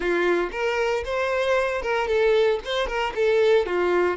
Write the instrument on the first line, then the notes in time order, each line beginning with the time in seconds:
violin
0.00 F4
0.51 A#4
1.04 C5
1.81 A#4
2.07 A4
2.65 C5
2.87 A#4
3.15 A4
3.65 F4